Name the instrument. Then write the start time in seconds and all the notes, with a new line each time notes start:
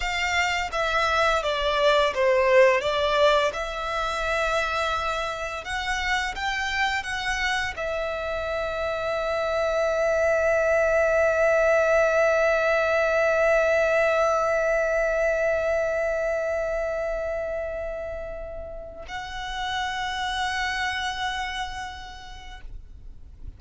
violin
0.00 F5
0.72 E5
1.42 D5
2.14 C5
2.80 D5
3.53 E5
5.64 F#5
6.35 G5
7.03 F#5
7.76 E5
19.07 F#5